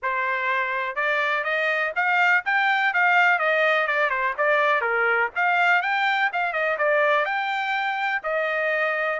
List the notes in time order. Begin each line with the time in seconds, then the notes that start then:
0.02 C5
0.95 D5
1.43 D#5
1.95 F5
2.45 G5
2.93 F5
3.38 D#5
3.87 D5
4.10 C5
4.37 D5
4.81 A#4
5.35 F5
5.82 G5
6.33 F5
6.53 D#5
6.77 D5
7.25 G5
8.23 D#5